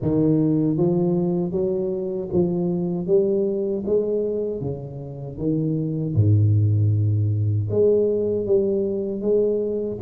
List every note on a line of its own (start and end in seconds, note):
0.02 0.77 D#3
0.77 1.51 F3
1.51 2.28 F#3
2.32 3.07 F3
3.07 3.84 G3
3.86 4.60 G#3
4.60 5.37 C#3
5.38 6.14 D#3
6.14 7.68 G#2
7.70 8.46 G#3
8.46 9.21 G3
9.21 9.98 G#3